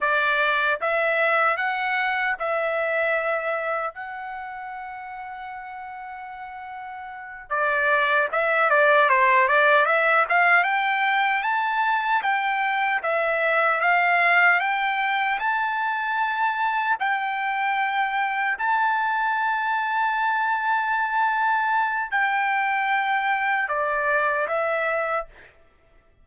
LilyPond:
\new Staff \with { instrumentName = "trumpet" } { \time 4/4 \tempo 4 = 76 d''4 e''4 fis''4 e''4~ | e''4 fis''2.~ | fis''4. d''4 e''8 d''8 c''8 | d''8 e''8 f''8 g''4 a''4 g''8~ |
g''8 e''4 f''4 g''4 a''8~ | a''4. g''2 a''8~ | a''1 | g''2 d''4 e''4 | }